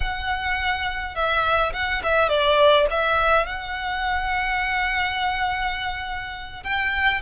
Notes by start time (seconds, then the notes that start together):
0.00 F#5
1.15 E5
1.73 F#5
2.03 E5
2.28 D5
2.90 E5
3.46 F#5
6.63 G5